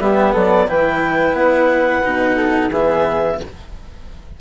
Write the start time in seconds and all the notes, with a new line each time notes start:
0.00 G3 B3 G4 E5
0.33 F#3 A4 D5
0.68 E3 E4 B4 G5
1.34 B3 F#5
2.04 B2 D#4
2.37 A4
2.69 E3 B3 G#4 E5